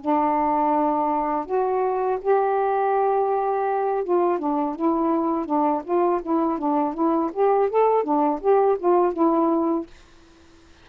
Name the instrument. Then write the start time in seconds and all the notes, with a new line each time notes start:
saxophone
0.00 D4
1.45 F#4
2.21 G4
4.04 F4
4.39 D4
4.75 E4
5.45 D4
5.84 F4
6.22 E4
6.58 D4
6.94 E4
7.32 G4
7.69 A4
8.03 D4
8.40 G4
8.78 F4
9.13 E4